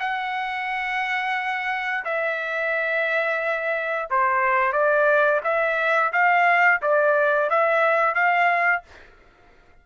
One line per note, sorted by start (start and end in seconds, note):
0.00 2.05 F#5
2.05 4.09 E5
4.10 4.73 C5
4.73 5.41 D5
5.44 6.12 E5
6.13 6.81 F5
6.82 7.50 D5
7.50 8.15 E5
8.15 8.83 F5